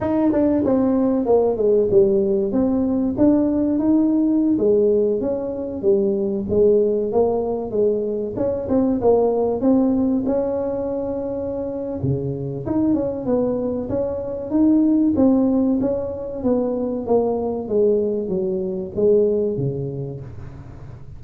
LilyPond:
\new Staff \with { instrumentName = "tuba" } { \time 4/4 \tempo 4 = 95 dis'8 d'8 c'4 ais8 gis8 g4 | c'4 d'4 dis'4~ dis'16 gis8.~ | gis16 cis'4 g4 gis4 ais8.~ | ais16 gis4 cis'8 c'8 ais4 c'8.~ |
c'16 cis'2~ cis'8. cis4 | dis'8 cis'8 b4 cis'4 dis'4 | c'4 cis'4 b4 ais4 | gis4 fis4 gis4 cis4 | }